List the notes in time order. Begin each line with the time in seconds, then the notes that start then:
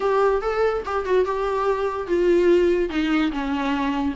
0.00 G4
0.41 A4
0.85 G4
1.05 F#4
1.25 G4
2.07 F4
2.89 D#4
3.31 C#4